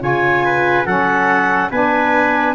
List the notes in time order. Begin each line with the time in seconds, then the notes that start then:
0.00 C#3 F4 C#5 G#5
0.45 B4
0.86 F#3 C#4 A4 F#5
1.71 B3 D4 B4 G#5